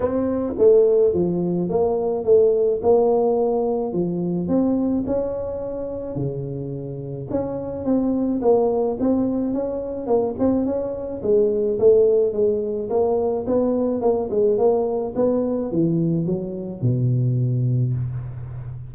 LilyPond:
\new Staff \with { instrumentName = "tuba" } { \time 4/4 \tempo 4 = 107 c'4 a4 f4 ais4 | a4 ais2 f4 | c'4 cis'2 cis4~ | cis4 cis'4 c'4 ais4 |
c'4 cis'4 ais8 c'8 cis'4 | gis4 a4 gis4 ais4 | b4 ais8 gis8 ais4 b4 | e4 fis4 b,2 | }